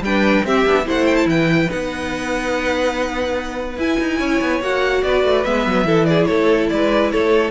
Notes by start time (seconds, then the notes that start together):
0.00 G3 D4 B4 G5
0.44 C4 G4 E5
0.66 B3 D4
0.85 A3 E4 C5 F#5
1.05 G5
1.15 A5
1.26 E3 B4 G5
1.68 B3 D#4 F#5
3.77 E4 G#5
4.00 D#4
4.18 C#4 C#5
4.40 B3
4.60 A#3 F#4 F#5
5.03 B3 B4 D5
5.24 A3
5.44 G#3 B3 E5
5.66 F#3
5.84 E3 E4 A4
6.05 G#4 D5
6.25 A3 A4 C#5
6.69 G#3 B4 D5
7.11 A3 A4 C#5